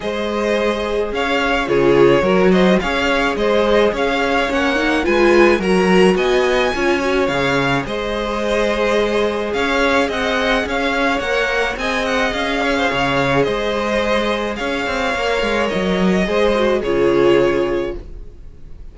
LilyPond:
<<
  \new Staff \with { instrumentName = "violin" } { \time 4/4 \tempo 4 = 107 dis''2 f''4 cis''4~ | cis''8 dis''8 f''4 dis''4 f''4 | fis''4 gis''4 ais''4 gis''4~ | gis''4 f''4 dis''2~ |
dis''4 f''4 fis''4 f''4 | fis''4 gis''8 fis''8 f''2 | dis''2 f''2 | dis''2 cis''2 | }
  \new Staff \with { instrumentName = "violin" } { \time 4/4 c''2 cis''4 gis'4 | ais'8 c''8 cis''4 c''4 cis''4~ | cis''4 b'4 ais'4 dis''4 | cis''2 c''2~ |
c''4 cis''4 dis''4 cis''4~ | cis''4 dis''4. cis''16 c''16 cis''4 | c''2 cis''2~ | cis''4 c''4 gis'2 | }
  \new Staff \with { instrumentName = "viola" } { \time 4/4 gis'2. f'4 | fis'4 gis'2. | cis'8 dis'8 f'4 fis'2 | f'8 fis'8 gis'2.~ |
gis'1 | ais'4 gis'2.~ | gis'2. ais'4~ | ais'4 gis'8 fis'8 f'2 | }
  \new Staff \with { instrumentName = "cello" } { \time 4/4 gis2 cis'4 cis4 | fis4 cis'4 gis4 cis'4 | ais4 gis4 fis4 b4 | cis'4 cis4 gis2~ |
gis4 cis'4 c'4 cis'4 | ais4 c'4 cis'4 cis4 | gis2 cis'8 c'8 ais8 gis8 | fis4 gis4 cis2 | }
>>